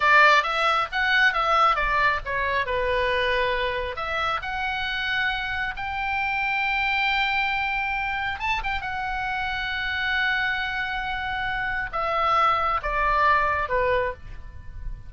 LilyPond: \new Staff \with { instrumentName = "oboe" } { \time 4/4 \tempo 4 = 136 d''4 e''4 fis''4 e''4 | d''4 cis''4 b'2~ | b'4 e''4 fis''2~ | fis''4 g''2.~ |
g''2. a''8 g''8 | fis''1~ | fis''2. e''4~ | e''4 d''2 b'4 | }